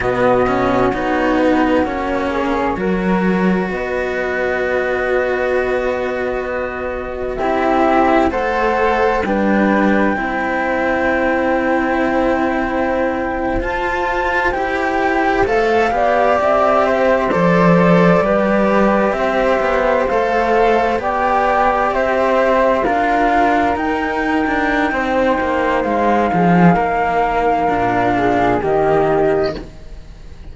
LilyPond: <<
  \new Staff \with { instrumentName = "flute" } { \time 4/4 \tempo 4 = 65 dis''4 cis''8 b'8 cis''2 | dis''1 | e''4 fis''4 g''2~ | g''2~ g''8. a''4 g''16~ |
g''8. f''4 e''4 d''4~ d''16~ | d''8. e''4 f''4 g''4 e''16~ | e''8. f''4 g''2~ g''16 | f''2. dis''4 | }
  \new Staff \with { instrumentName = "flute" } { \time 4/4 fis'2~ fis'8 gis'8 ais'4 | b'1 | g'4 c''4 b'4 c''4~ | c''1~ |
c''4~ c''16 d''4 c''4. b'16~ | b'8. c''2 d''4 c''16~ | c''8. ais'2~ ais'16 c''4~ | c''8 gis'8 ais'4. gis'8 g'4 | }
  \new Staff \with { instrumentName = "cello" } { \time 4/4 b8 cis'8 dis'4 cis'4 fis'4~ | fis'1 | e'4 a'4 d'4 e'4~ | e'2~ e'8. f'4 g'16~ |
g'8. a'8 g'4. a'4 g'16~ | g'4.~ g'16 a'4 g'4~ g'16~ | g'8. f'4 dis'2~ dis'16~ | dis'2 d'4 ais4 | }
  \new Staff \with { instrumentName = "cello" } { \time 4/4 b,4 b4 ais4 fis4 | b1 | c'4 a4 g4 c'4~ | c'2~ c'8. f'4 e'16~ |
e'8. a8 b8 c'4 f4 g16~ | g8. c'8 b8 a4 b4 c'16~ | c'8. d'4 dis'8. d'8 c'8 ais8 | gis8 f8 ais4 ais,4 dis4 | }
>>